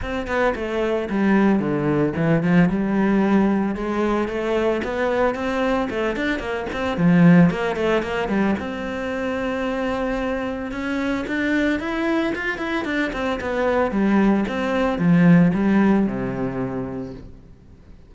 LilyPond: \new Staff \with { instrumentName = "cello" } { \time 4/4 \tempo 4 = 112 c'8 b8 a4 g4 d4 | e8 f8 g2 gis4 | a4 b4 c'4 a8 d'8 | ais8 c'8 f4 ais8 a8 ais8 g8 |
c'1 | cis'4 d'4 e'4 f'8 e'8 | d'8 c'8 b4 g4 c'4 | f4 g4 c2 | }